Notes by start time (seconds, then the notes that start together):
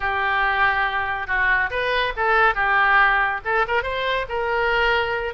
0.00 G4
1.27 F#4
1.70 B4
2.16 A4
2.55 G4
3.44 A4
3.67 A#4
3.83 C5
4.29 A#4